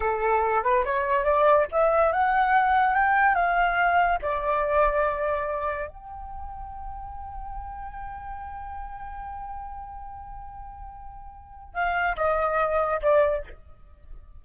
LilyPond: \new Staff \with { instrumentName = "flute" } { \time 4/4 \tempo 4 = 143 a'4. b'8 cis''4 d''4 | e''4 fis''2 g''4 | f''2 d''2~ | d''2 g''2~ |
g''1~ | g''1~ | g''1 | f''4 dis''2 d''4 | }